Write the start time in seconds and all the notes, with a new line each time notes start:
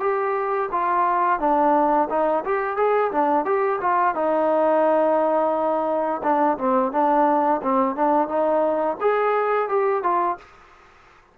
0.00 G4
0.72 F4
1.39 D4
2.10 D#4
2.45 G4
2.77 G#4
3.12 D4
3.45 G4
3.81 F4
4.15 D#4
6.23 D4
6.58 C4
6.92 D4
7.63 C4
7.96 D4
8.28 D#4
9.01 G#4
9.69 G4
10.03 F4